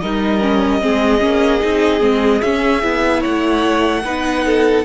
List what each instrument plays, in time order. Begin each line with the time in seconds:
0.00 cello G3, viola D#4, violin A#4 D#5
0.41 viola C#4
0.81 cello G#3, viola C4, violin G#4
1.19 cello A#3, viola C#4
1.60 cello C4, viola D#4
2.00 cello G#3, viola C4
2.41 cello C#4, viola C#4, violin E5
2.82 cello B3, viola E4
3.20 cello A3, violin C#5 F#5
4.03 cello B3, viola D#4, violin B4
4.45 violin A4